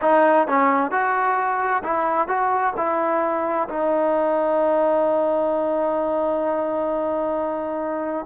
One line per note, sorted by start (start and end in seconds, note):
0.01 0.47 D#4
0.47 0.91 C#4
0.91 1.82 F#4
1.83 2.28 E4
2.28 2.73 F#4
2.76 3.68 E4
3.69 8.26 D#4